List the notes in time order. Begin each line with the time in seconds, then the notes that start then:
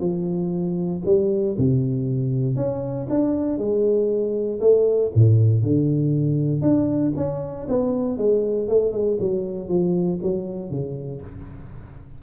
0.00 F3
1.05 G3
1.58 C3
2.56 C#4
3.10 D4
3.58 G#3
4.60 A3
5.15 A2
5.63 D3
6.62 D4
7.16 C#4
7.68 B3
8.18 G#3
8.69 A3
8.92 G#3
9.20 F#3
9.68 F3
10.22 F#3
10.70 C#3